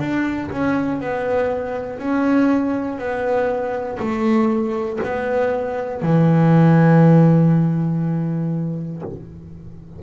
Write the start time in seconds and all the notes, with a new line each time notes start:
0.00 D4
0.51 C#4
1.01 B3
2.00 C#4
2.99 B3
4.00 A3
5.04 B3
6.02 E3